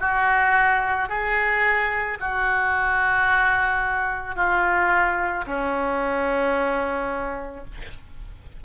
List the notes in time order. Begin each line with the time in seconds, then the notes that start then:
0.00 F#4
1.09 G#4
2.20 F#4
4.36 F4
5.46 C#4